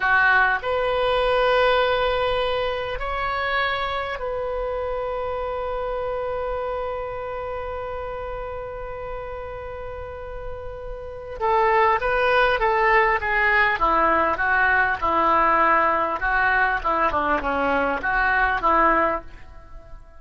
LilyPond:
\new Staff \with { instrumentName = "oboe" } { \time 4/4 \tempo 4 = 100 fis'4 b'2.~ | b'4 cis''2 b'4~ | b'1~ | b'1~ |
b'2. a'4 | b'4 a'4 gis'4 e'4 | fis'4 e'2 fis'4 | e'8 d'8 cis'4 fis'4 e'4 | }